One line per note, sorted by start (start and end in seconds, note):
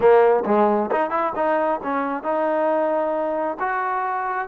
0.00 0.44 A#3
0.45 0.90 G#3
0.91 1.10 D#4
1.10 1.32 E4
1.35 1.80 D#4
1.83 2.23 C#4
2.23 3.57 D#4
3.59 4.48 F#4